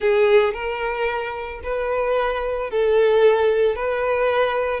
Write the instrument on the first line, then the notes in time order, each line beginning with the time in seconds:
violin
0.00 G#4
0.53 A#4
1.63 B4
2.70 A4
3.75 B4